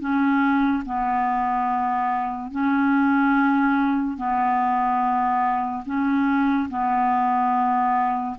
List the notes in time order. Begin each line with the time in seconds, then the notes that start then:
0.00 C#4
0.85 B3
2.51 C#4
4.17 B3
5.85 C#4
6.69 B3